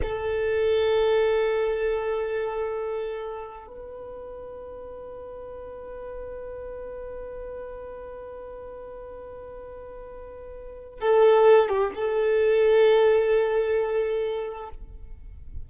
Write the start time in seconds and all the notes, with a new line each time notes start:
0.02 A4
3.67 B4
11.00 A4
11.68 G4
11.94 A4